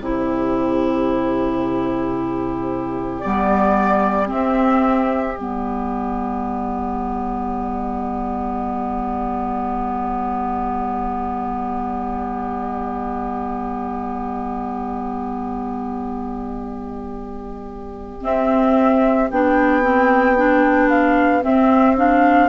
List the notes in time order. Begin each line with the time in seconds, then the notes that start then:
0.00 C3 E4 G4 C5
3.20 G3 B3 D5
4.26 C4 E5
5.37 G3 B3 D5
18.21 C4 E5
19.30 B3 D4 G5
19.82 C4
20.37 D4
20.89 F5
21.42 C4 E5
21.96 D4 F5